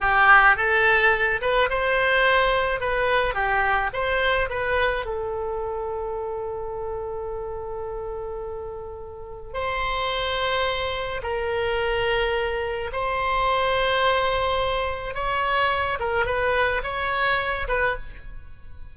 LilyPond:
\new Staff \with { instrumentName = "oboe" } { \time 4/4 \tempo 4 = 107 g'4 a'4. b'8 c''4~ | c''4 b'4 g'4 c''4 | b'4 a'2.~ | a'1~ |
a'4 c''2. | ais'2. c''4~ | c''2. cis''4~ | cis''8 ais'8 b'4 cis''4. b'8 | }